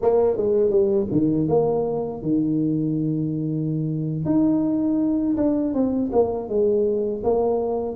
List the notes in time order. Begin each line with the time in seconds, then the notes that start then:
0.01 A#3
0.36 G#3
0.69 G3
1.11 D#3
1.48 A#3
2.22 D#3
4.25 D#4
5.36 D4
5.73 C4
6.12 A#3
6.48 G#3
7.23 A#3